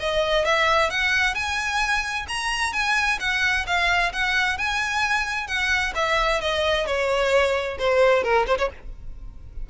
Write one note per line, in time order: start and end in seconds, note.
0.00 0.45 D#5
0.45 0.90 E5
0.90 1.35 F#5
1.35 2.26 G#5
2.28 2.73 A#5
2.73 3.19 G#5
3.20 3.66 F#5
3.67 4.12 F5
4.13 4.58 F#5
4.58 5.47 G#5
5.47 5.93 F#5
5.95 6.41 E5
6.41 6.86 D#5
6.86 7.78 C#5
7.79 8.23 C5
8.23 8.46 A#4
8.47 8.58 C5
8.59 8.70 C#5